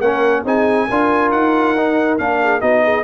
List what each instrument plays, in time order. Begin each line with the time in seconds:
0.00 tuba A#3, trombone C#4, horn A#4, trumpet F#5
0.44 tuba C4, trombone D#4, horn G#4, trumpet G#5
0.87 tuba D4, trombone F4, horn A#4
1.31 tuba D#4, trumpet F#5
1.77 trombone D#4
2.18 tuba A#3, trombone D4, trumpet F5
2.42 horn G#4
2.60 tuba B3, trombone D#4, horn F#4, trumpet D#5
2.83 horn G#4